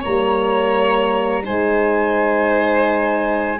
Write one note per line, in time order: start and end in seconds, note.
0.00 1.43 A#3
0.00 1.43 C#5
0.00 1.45 A#5
0.07 1.49 G3
1.43 3.60 G#3
1.43 3.57 D#4
1.43 3.59 C5
1.43 3.60 G#5